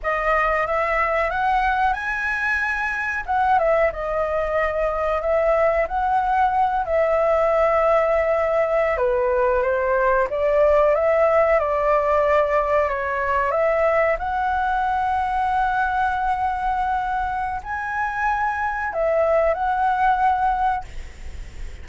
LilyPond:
\new Staff \with { instrumentName = "flute" } { \time 4/4 \tempo 4 = 92 dis''4 e''4 fis''4 gis''4~ | gis''4 fis''8 e''8 dis''2 | e''4 fis''4. e''4.~ | e''4.~ e''16 b'4 c''4 d''16~ |
d''8. e''4 d''2 cis''16~ | cis''8. e''4 fis''2~ fis''16~ | fis''2. gis''4~ | gis''4 e''4 fis''2 | }